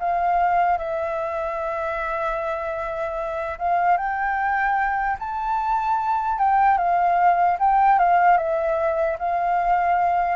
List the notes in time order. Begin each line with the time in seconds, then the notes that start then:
0.00 F5
0.79 E5
3.59 F5
3.97 G5
5.20 A5
6.39 G5
6.78 F5
7.60 G5
7.99 F5
8.37 E5
9.19 F5